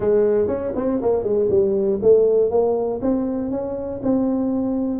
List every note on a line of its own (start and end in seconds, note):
0.00 0.47 G#3
0.47 0.72 C#4
0.75 1.00 C4
1.01 1.23 A#3
1.23 1.48 G#3
1.50 2.00 G3
2.02 2.50 A3
2.50 3.00 A#3
3.01 3.50 C4
3.50 4.00 C#4
4.02 5.00 C4